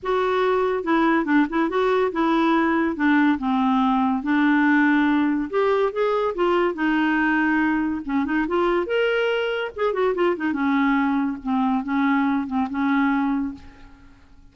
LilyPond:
\new Staff \with { instrumentName = "clarinet" } { \time 4/4 \tempo 4 = 142 fis'2 e'4 d'8 e'8 | fis'4 e'2 d'4 | c'2 d'2~ | d'4 g'4 gis'4 f'4 |
dis'2. cis'8 dis'8 | f'4 ais'2 gis'8 fis'8 | f'8 dis'8 cis'2 c'4 | cis'4. c'8 cis'2 | }